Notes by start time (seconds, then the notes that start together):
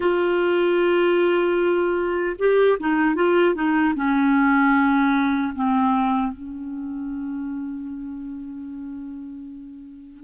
0.00 F4
2.38 G4
2.79 D#4
3.15 F4
3.54 D#4
3.95 C#4
5.55 C4
6.32 C#4